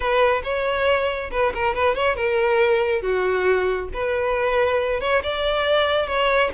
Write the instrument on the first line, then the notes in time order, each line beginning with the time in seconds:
violin
0.00 B4
0.43 C#5
1.31 B4
1.54 A#4
1.74 B4
1.95 C#5
2.16 A#4
3.02 F#4
3.93 B4
5.00 C#5
5.23 D5
6.07 C#5